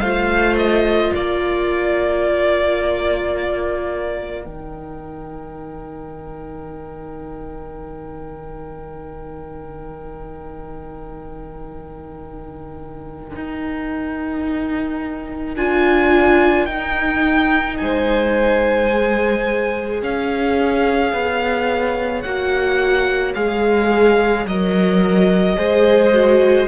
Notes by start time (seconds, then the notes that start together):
0.00 A3 F4 C5 F5
0.57 D#5
1.11 A#3 A#4 D5
4.42 D#3 D#4 G5
13.36 D#4
15.56 D4 F4 G#5
16.65 D#4 G5
17.78 G#3 C5 G#5
18.91 G#4
20.02 C#4 C#5 F5
21.13 B3
22.22 A#3 F#4 F#5
23.35 G#3 G#4 F5
24.46 F#3 A#4 D#5
25.57 G#3 G#4 C5
26.13 F#4